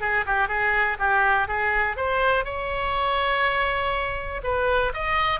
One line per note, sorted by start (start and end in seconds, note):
0.00 0.25 G#4
0.26 0.48 G4
0.48 0.97 G#4
0.99 1.47 G4
1.47 1.96 G#4
1.96 2.44 C5
2.44 4.41 C#5
4.43 4.92 B4
4.94 5.40 D#5